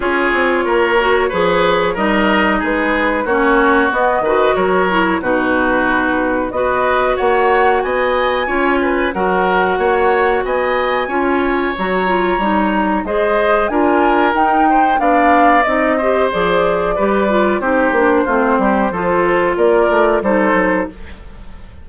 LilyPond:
<<
  \new Staff \with { instrumentName = "flute" } { \time 4/4 \tempo 4 = 92 cis''2. dis''4 | b'4 cis''4 dis''4 cis''4 | b'2 dis''4 fis''4 | gis''2 fis''2 |
gis''2 ais''2 | dis''4 gis''4 g''4 f''4 | dis''4 d''2 c''4~ | c''2 d''4 c''4 | }
  \new Staff \with { instrumentName = "oboe" } { \time 4/4 gis'4 ais'4 b'4 ais'4 | gis'4 fis'4. b'8 ais'4 | fis'2 b'4 cis''4 | dis''4 cis''8 b'8 ais'4 cis''4 |
dis''4 cis''2. | c''4 ais'4. c''8 d''4~ | d''8 c''4. b'4 g'4 | f'8 g'8 a'4 ais'4 a'4 | }
  \new Staff \with { instrumentName = "clarinet" } { \time 4/4 f'4. fis'8 gis'4 dis'4~ | dis'4 cis'4 b8 fis'4 e'8 | dis'2 fis'2~ | fis'4 f'4 fis'2~ |
fis'4 f'4 fis'8 f'8 dis'4 | gis'4 f'4 dis'4 d'4 | dis'8 g'8 gis'4 g'8 f'8 dis'8 d'8 | c'4 f'2 dis'4 | }
  \new Staff \with { instrumentName = "bassoon" } { \time 4/4 cis'8 c'8 ais4 f4 g4 | gis4 ais4 b8 dis8 fis4 | b,2 b4 ais4 | b4 cis'4 fis4 ais4 |
b4 cis'4 fis4 g4 | gis4 d'4 dis'4 b4 | c'4 f4 g4 c'8 ais8 | a8 g8 f4 ais8 a8 g8 fis8 | }
>>